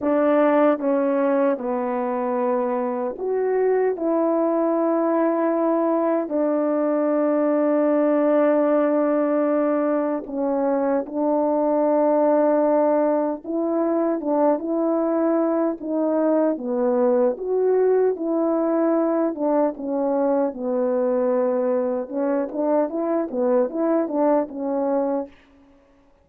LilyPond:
\new Staff \with { instrumentName = "horn" } { \time 4/4 \tempo 4 = 76 d'4 cis'4 b2 | fis'4 e'2. | d'1~ | d'4 cis'4 d'2~ |
d'4 e'4 d'8 e'4. | dis'4 b4 fis'4 e'4~ | e'8 d'8 cis'4 b2 | cis'8 d'8 e'8 b8 e'8 d'8 cis'4 | }